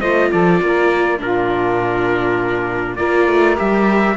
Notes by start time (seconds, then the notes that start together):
0.00 A3 F4 C5 D#5
0.31 F3 A4 D5
0.60 A#3 A#4
1.17 A#2 D4 F4 A#4
2.96 A#3 F4 A#4 D5
3.27 A3
3.55 G3 G4 E5